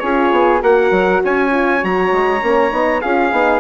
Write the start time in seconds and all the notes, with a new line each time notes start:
0.00 C#4 F4 G#4 C#5
0.32 B3
0.61 A#3 F#4 A#4 F#5
0.91 F#3
1.25 C#4 C#5 G#5
1.52 F4
1.80 F#3 F#4 A#5
2.12 G#3
2.43 A#3 C#4
2.71 B3 D#4
3.01 C#4 F4 G#4 F5
3.32 B3 D#4